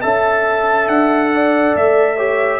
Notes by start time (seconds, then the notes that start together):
0.00 C#4 A4 E5 A5
0.87 D4 F#5
1.32 D5
1.75 A3 E5
2.16 G4 C#5